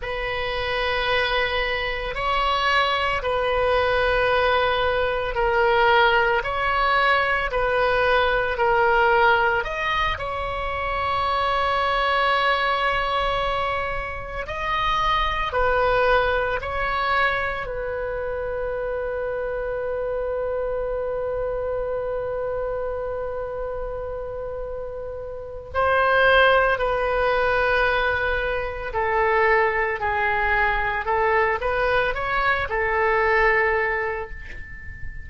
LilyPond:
\new Staff \with { instrumentName = "oboe" } { \time 4/4 \tempo 4 = 56 b'2 cis''4 b'4~ | b'4 ais'4 cis''4 b'4 | ais'4 dis''8 cis''2~ cis''8~ | cis''4. dis''4 b'4 cis''8~ |
cis''8 b'2.~ b'8~ | b'1 | c''4 b'2 a'4 | gis'4 a'8 b'8 cis''8 a'4. | }